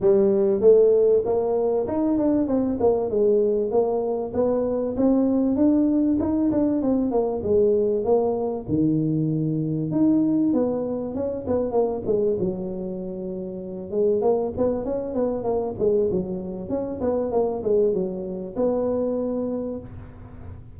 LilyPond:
\new Staff \with { instrumentName = "tuba" } { \time 4/4 \tempo 4 = 97 g4 a4 ais4 dis'8 d'8 | c'8 ais8 gis4 ais4 b4 | c'4 d'4 dis'8 d'8 c'8 ais8 | gis4 ais4 dis2 |
dis'4 b4 cis'8 b8 ais8 gis8 | fis2~ fis8 gis8 ais8 b8 | cis'8 b8 ais8 gis8 fis4 cis'8 b8 | ais8 gis8 fis4 b2 | }